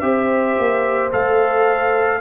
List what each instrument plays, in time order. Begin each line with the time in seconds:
0.00 tuba C4, trombone G4, horn C5, trumpet E5
0.58 tuba A#3
1.11 tuba A3, trombone A4, trumpet F5